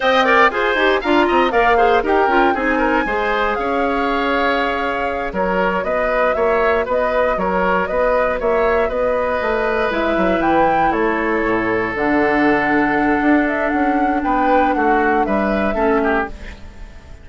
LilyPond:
<<
  \new Staff \with { instrumentName = "flute" } { \time 4/4 \tempo 4 = 118 g''4 gis''4 ais''4 f''4 | g''4 gis''2 f''4~ | f''2~ f''8 cis''4 dis''8~ | dis''8 e''4 dis''4 cis''4 dis''8~ |
dis''8 e''4 dis''2 e''8~ | e''8 g''4 cis''2 fis''8~ | fis''2~ fis''8 e''8 fis''4 | g''4 fis''4 e''2 | }
  \new Staff \with { instrumentName = "oboe" } { \time 4/4 dis''8 d''8 c''4 f''8 dis''8 d''8 c''8 | ais'4 gis'8 ais'8 c''4 cis''4~ | cis''2~ cis''8 ais'4 b'8~ | b'8 cis''4 b'4 ais'4 b'8~ |
b'8 cis''4 b'2~ b'8~ | b'4. a'2~ a'8~ | a'1 | b'4 fis'4 b'4 a'8 g'8 | }
  \new Staff \with { instrumentName = "clarinet" } { \time 4/4 c''8 ais'8 gis'8 g'8 f'4 ais'8 gis'8 | g'8 f'8 dis'4 gis'2~ | gis'2~ gis'8 fis'4.~ | fis'1~ |
fis'2.~ fis'8 e'8~ | e'2.~ e'8 d'8~ | d'1~ | d'2. cis'4 | }
  \new Staff \with { instrumentName = "bassoon" } { \time 4/4 c'4 f'8 dis'8 d'8 c'8 ais4 | dis'8 cis'8 c'4 gis4 cis'4~ | cis'2~ cis'8 fis4 b8~ | b8 ais4 b4 fis4 b8~ |
b8 ais4 b4 a4 gis8 | fis8 e4 a4 a,4 d8~ | d2 d'4 cis'4 | b4 a4 g4 a4 | }
>>